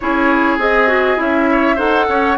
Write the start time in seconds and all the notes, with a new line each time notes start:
0.00 C#4 E4 G#4 C#5
0.58 C4 G#4 D#5
0.88 F#4
1.17 C#4 E4 E5
1.50 C#5
1.75 D#4 A4 C5 F#5
2.08 C#4 C#5